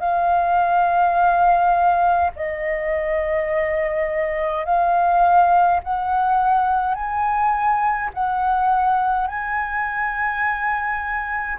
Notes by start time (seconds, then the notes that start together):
0.00 F5
2.36 D#5
4.65 F5
5.84 F#5
6.95 G#5
8.14 F#5
9.27 G#5